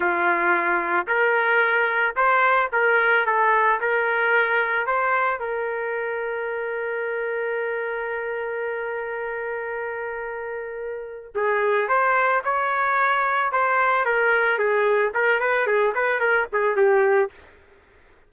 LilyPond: \new Staff \with { instrumentName = "trumpet" } { \time 4/4 \tempo 4 = 111 f'2 ais'2 | c''4 ais'4 a'4 ais'4~ | ais'4 c''4 ais'2~ | ais'1~ |
ais'1~ | ais'4 gis'4 c''4 cis''4~ | cis''4 c''4 ais'4 gis'4 | ais'8 b'8 gis'8 b'8 ais'8 gis'8 g'4 | }